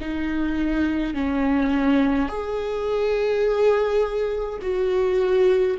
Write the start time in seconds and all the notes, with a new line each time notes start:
0.00 D#4
1.14 C#4
2.29 G#4
4.62 F#4